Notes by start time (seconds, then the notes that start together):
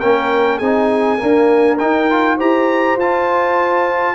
0.00 A#3 C#4 A#4 G5
0.59 C4 D#4 G#4 G#5
1.18 A#3 D4 A#4
1.78 D#4 G5
2.10 F4
2.37 E4 G4 C5 A#5
2.96 F4 A5